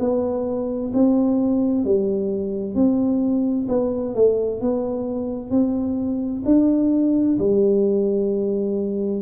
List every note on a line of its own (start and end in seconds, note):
0.00 0.92 B3
0.94 1.85 C4
1.85 2.75 G3
2.75 3.68 C4
3.69 4.15 B3
4.15 4.61 A3
4.61 5.51 B3
5.51 6.43 C4
6.45 7.38 D4
7.39 9.22 G3